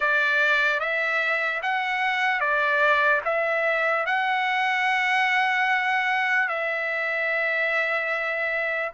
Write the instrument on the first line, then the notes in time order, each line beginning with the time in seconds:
trumpet
0.00 D5
0.80 E5
1.62 F#5
2.40 D5
3.24 E5
4.05 F#5
6.48 E5